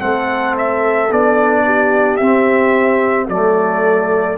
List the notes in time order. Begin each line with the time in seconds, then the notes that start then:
0.00 A3 C4 A4 F#5
0.58 E5
1.11 B3 D4 D5
1.65 G4
2.17 C4 E5
3.29 F#3 A3 A4 D5